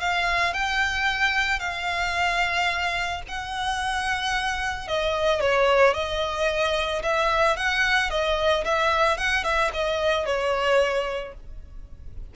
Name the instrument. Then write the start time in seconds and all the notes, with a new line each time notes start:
violin
0.00 F5
0.53 G5
1.59 F5
3.28 F#5
4.88 D#5
5.41 C#5
5.94 D#5
7.02 E5
7.56 F#5
8.10 D#5
8.64 E5
9.17 F#5
9.44 E5
9.73 D#5
10.25 C#5